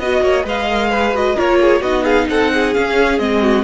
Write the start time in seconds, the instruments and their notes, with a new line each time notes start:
0.00 cello B3, viola F#4, violin D#5
0.23 cello A#3, violin C#5
0.44 cello G#3, viola B4, violin D#5 F5
0.69 viola A#4
0.90 viola G#4, violin B4
1.14 viola F#4, violin D#5
1.36 cello A#3, viola F4, violin A#4 C#5
1.62 violin G#4
1.82 cello B3, viola D#4, violin F#4 D#5
2.04 violin G#4 F5
2.30 cello C4, violin A4 F#5
2.54 violin G#4
2.74 viola C#4, cello C#4, violin F5
3.19 cello G#3, viola C4, violin D#5
3.42 violin F#4